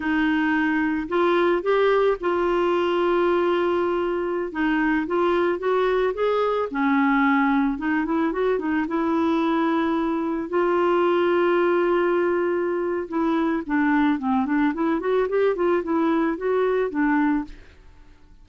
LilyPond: \new Staff \with { instrumentName = "clarinet" } { \time 4/4 \tempo 4 = 110 dis'2 f'4 g'4 | f'1~ | f'16 dis'4 f'4 fis'4 gis'8.~ | gis'16 cis'2 dis'8 e'8 fis'8 dis'16~ |
dis'16 e'2. f'8.~ | f'1 | e'4 d'4 c'8 d'8 e'8 fis'8 | g'8 f'8 e'4 fis'4 d'4 | }